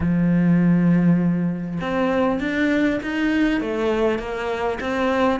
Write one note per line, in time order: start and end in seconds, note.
0.00 1.79 F3
1.80 2.40 C4
2.40 3.00 D4
3.02 3.60 D#4
3.60 4.18 A3
4.18 4.78 A#3
4.80 5.40 C4